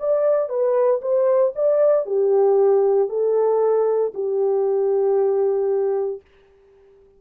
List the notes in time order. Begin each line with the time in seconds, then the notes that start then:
0.00 D5
0.49 B4
1.02 C5
1.56 D5
2.06 G4
3.10 A4
4.15 G4